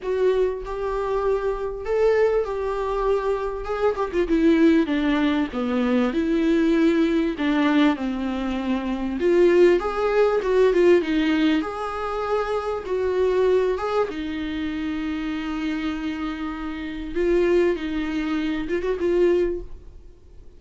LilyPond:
\new Staff \with { instrumentName = "viola" } { \time 4/4 \tempo 4 = 98 fis'4 g'2 a'4 | g'2 gis'8 g'16 f'16 e'4 | d'4 b4 e'2 | d'4 c'2 f'4 |
gis'4 fis'8 f'8 dis'4 gis'4~ | gis'4 fis'4. gis'8 dis'4~ | dis'1 | f'4 dis'4. f'16 fis'16 f'4 | }